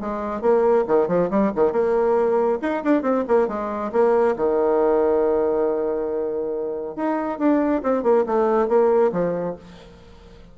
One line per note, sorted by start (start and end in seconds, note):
0.00 0.41 G#3
0.41 0.85 A#3
0.87 1.08 D#3
1.08 1.29 F3
1.30 1.52 G3
1.55 1.72 D#3
1.72 2.59 A#3
2.61 2.83 D#4
2.84 3.02 D4
3.02 3.24 C4
3.27 3.48 A#3
3.48 3.91 G#3
3.92 4.35 A#3
4.36 6.96 D#3
6.96 7.38 D#4
7.38 7.82 D4
7.83 8.03 C4
8.03 8.25 A#3
8.26 8.68 A3
8.68 9.11 A#3
9.12 9.56 F3